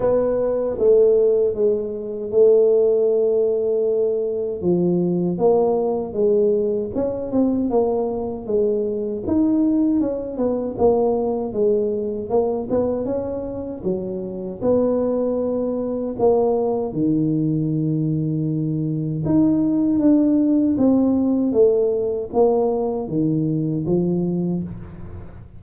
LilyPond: \new Staff \with { instrumentName = "tuba" } { \time 4/4 \tempo 4 = 78 b4 a4 gis4 a4~ | a2 f4 ais4 | gis4 cis'8 c'8 ais4 gis4 | dis'4 cis'8 b8 ais4 gis4 |
ais8 b8 cis'4 fis4 b4~ | b4 ais4 dis2~ | dis4 dis'4 d'4 c'4 | a4 ais4 dis4 f4 | }